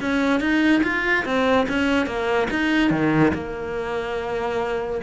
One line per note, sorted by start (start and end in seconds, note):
0.00 0.40 C#4
0.40 0.81 D#4
0.83 1.25 F4
1.25 1.66 C4
1.69 2.06 C#4
2.06 2.48 A#3
2.50 2.90 D#4
2.90 3.32 D#3
3.34 5.00 A#3